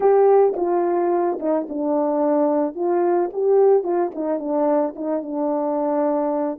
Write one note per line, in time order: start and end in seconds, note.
0.00 0.54 G4
0.56 1.38 F4
1.39 1.67 D#4
1.68 2.75 D4
2.75 3.30 F4
3.32 3.83 G4
3.83 4.11 F4
4.15 4.39 D#4
4.39 4.94 D4
4.95 5.22 D#4
5.22 6.59 D4